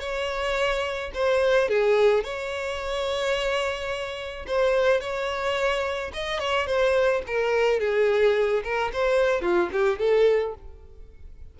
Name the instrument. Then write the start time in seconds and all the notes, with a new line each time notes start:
violin
0.00 C#5
1.14 C5
1.69 G#4
2.24 C#5
4.47 C5
5.01 C#5
6.14 D#5
6.39 C#5
6.67 C5
7.27 A#4
7.80 G#4
8.64 A#4
8.93 C5
9.42 F4
9.72 G4
9.99 A4